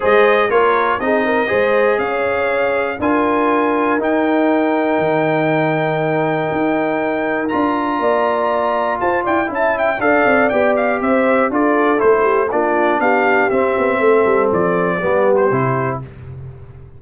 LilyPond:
<<
  \new Staff \with { instrumentName = "trumpet" } { \time 4/4 \tempo 4 = 120 dis''4 cis''4 dis''2 | f''2 gis''2 | g''1~ | g''2. ais''4~ |
ais''2 a''8 g''8 a''8 g''8 | f''4 g''8 f''8 e''4 d''4 | c''4 d''4 f''4 e''4~ | e''4 d''4.~ d''16 c''4~ c''16 | }
  \new Staff \with { instrumentName = "horn" } { \time 4/4 c''4 ais'4 gis'8 ais'8 c''4 | cis''2 ais'2~ | ais'1~ | ais'1 |
d''2 c''8 d''8 e''4 | d''2 c''4 a'4~ | a'8 g'8 f'4 g'2 | a'2 g'2 | }
  \new Staff \with { instrumentName = "trombone" } { \time 4/4 gis'4 f'4 dis'4 gis'4~ | gis'2 f'2 | dis'1~ | dis'2. f'4~ |
f'2. e'4 | a'4 g'2 f'4 | e'4 d'2 c'4~ | c'2 b4 e'4 | }
  \new Staff \with { instrumentName = "tuba" } { \time 4/4 gis4 ais4 c'4 gis4 | cis'2 d'2 | dis'2 dis2~ | dis4 dis'2 d'4 |
ais2 f'8 e'8 cis'4 | d'8 c'8 b4 c'4 d'4 | a4 ais4 b4 c'8 b8 | a8 g8 f4 g4 c4 | }
>>